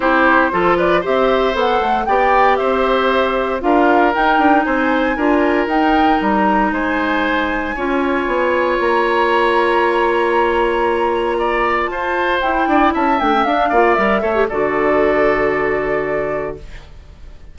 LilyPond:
<<
  \new Staff \with { instrumentName = "flute" } { \time 4/4 \tempo 4 = 116 c''4. d''8 e''4 fis''4 | g''4 e''2 f''4 | g''4 gis''2 g''4 | ais''4 gis''2.~ |
gis''4 ais''2.~ | ais''2. a''4 | g''4 a''8 g''8 f''4 e''4 | d''1 | }
  \new Staff \with { instrumentName = "oboe" } { \time 4/4 g'4 a'8 b'8 c''2 | d''4 c''2 ais'4~ | ais'4 c''4 ais'2~ | ais'4 c''2 cis''4~ |
cis''1~ | cis''2 d''4 c''4~ | c''8 d''8 e''4. d''4 cis''8 | a'1 | }
  \new Staff \with { instrumentName = "clarinet" } { \time 4/4 e'4 f'4 g'4 a'4 | g'2. f'4 | dis'2 f'4 dis'4~ | dis'2. f'4~ |
f'1~ | f'1 | e'4. d'16 cis'16 d'8 f'8 ais'8 a'16 g'16 | fis'1 | }
  \new Staff \with { instrumentName = "bassoon" } { \time 4/4 c'4 f4 c'4 b8 a8 | b4 c'2 d'4 | dis'8 d'8 c'4 d'4 dis'4 | g4 gis2 cis'4 |
b4 ais2.~ | ais2. f'4 | e'8 d'8 cis'8 a8 d'8 ais8 g8 a8 | d1 | }
>>